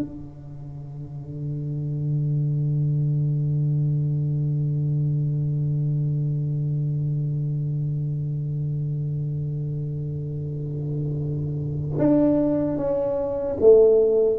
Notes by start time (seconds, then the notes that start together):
0.00 D3
11.99 D4
12.77 C#4
13.61 A3